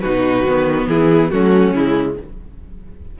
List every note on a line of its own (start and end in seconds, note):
0.00 0.43 B2
0.00 0.47 D#4
0.00 0.88 F#4
0.00 0.87 B4
0.43 0.86 D#3
0.43 1.32 B3
0.87 1.30 E3
0.87 1.32 E4
0.87 1.30 G#4
1.30 1.74 F#3
1.30 1.75 A3
1.30 2.19 C#4
1.30 1.74 F#4
1.74 2.17 C#3
1.74 2.19 G#3
1.74 2.18 E4